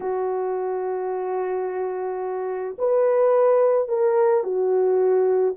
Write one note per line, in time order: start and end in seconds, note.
0.00 2.76 F#4
2.78 3.88 B4
3.88 4.43 A#4
4.43 5.54 F#4